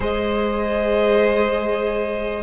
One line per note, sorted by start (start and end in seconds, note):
0.00 2.42 G#3
0.00 2.42 G#4
0.00 2.42 C5
0.00 2.42 D#5